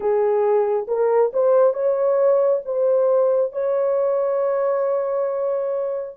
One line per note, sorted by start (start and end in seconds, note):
0.00 0.86 G#4
0.87 1.31 A#4
1.33 1.73 C5
1.73 2.61 C#5
2.65 3.52 C5
3.52 6.16 C#5